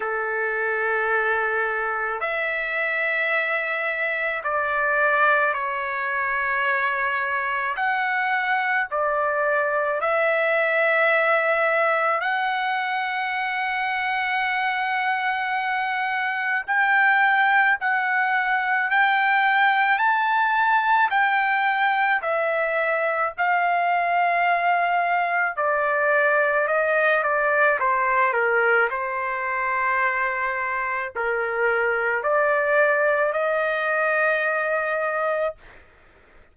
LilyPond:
\new Staff \with { instrumentName = "trumpet" } { \time 4/4 \tempo 4 = 54 a'2 e''2 | d''4 cis''2 fis''4 | d''4 e''2 fis''4~ | fis''2. g''4 |
fis''4 g''4 a''4 g''4 | e''4 f''2 d''4 | dis''8 d''8 c''8 ais'8 c''2 | ais'4 d''4 dis''2 | }